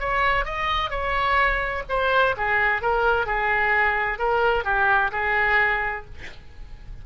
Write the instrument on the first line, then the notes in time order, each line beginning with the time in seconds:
oboe
0.00 C#5
0.45 D#5
0.90 C#5
1.89 C5
2.37 G#4
2.82 A#4
3.26 G#4
4.19 A#4
4.64 G4
5.12 G#4